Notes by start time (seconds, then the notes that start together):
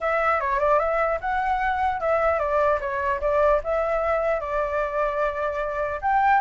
0.01 E5
0.40 C#5
0.59 D5
0.79 E5
1.20 F#5
2.00 E5
2.39 D5
2.80 C#5
3.21 D5
3.63 E5
4.40 D5
6.01 G5